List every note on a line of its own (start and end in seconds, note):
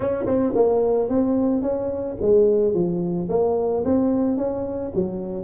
0.00 0.25 C#4
0.26 0.53 C4
0.55 1.08 A#3
1.08 1.62 C4
1.62 2.16 C#4
2.21 2.74 G#3
2.74 3.28 F3
3.29 3.83 A#3
3.85 4.37 C4
4.37 4.91 C#4
4.94 5.43 F#3